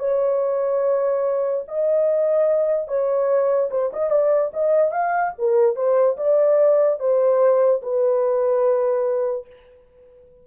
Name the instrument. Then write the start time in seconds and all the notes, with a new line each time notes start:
horn
0.00 C#5
1.68 D#5
2.88 C#5
3.71 C5
3.93 D#5
4.11 D5
4.54 D#5
4.92 F5
5.39 A#4
5.76 C5
6.18 D5
7.00 C5
7.83 B4